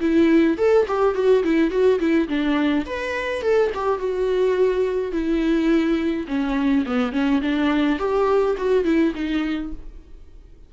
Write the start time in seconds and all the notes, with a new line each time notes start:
0.00 E4
0.57 A4
0.87 G4
1.15 F#4
1.43 E4
1.70 F#4
1.99 E4
2.28 D4
2.86 B4
3.42 A4
3.74 G4
3.99 F#4
5.12 E4
6.27 C#4
6.86 B3
7.12 C#4
7.41 D4
7.98 G4
8.57 F#4
8.84 E4
9.14 D#4